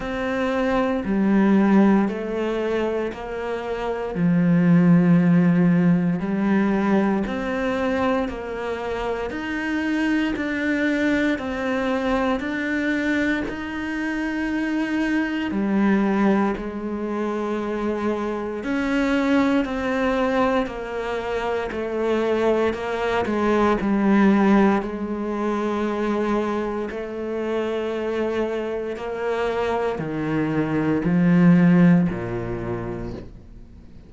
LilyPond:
\new Staff \with { instrumentName = "cello" } { \time 4/4 \tempo 4 = 58 c'4 g4 a4 ais4 | f2 g4 c'4 | ais4 dis'4 d'4 c'4 | d'4 dis'2 g4 |
gis2 cis'4 c'4 | ais4 a4 ais8 gis8 g4 | gis2 a2 | ais4 dis4 f4 ais,4 | }